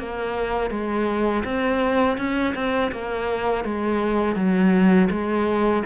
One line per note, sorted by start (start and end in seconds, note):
0.00 0.71 A#3
0.71 1.44 G#3
1.45 2.18 C4
2.18 2.55 C#4
2.55 2.92 C4
2.92 3.65 A#3
3.65 4.36 G#3
4.36 5.10 F#3
5.11 5.84 G#3